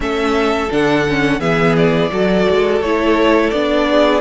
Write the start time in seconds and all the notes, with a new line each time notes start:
0.00 A3 C#4 A4 E5
0.70 D3 D4 F#5
1.08 C#4
1.39 E3 B3 G#4 E5
1.75 D5
2.11 F#3 F#4 A4
2.49 G#3
2.80 A3 E4 C#5
3.50 B3 D4 D5
3.89 G#4